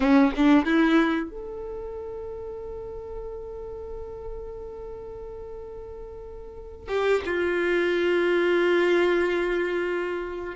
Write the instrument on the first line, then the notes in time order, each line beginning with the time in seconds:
violin
0.00 C#4
0.35 D4
0.65 E4
1.30 A4
6.88 G4
7.25 F4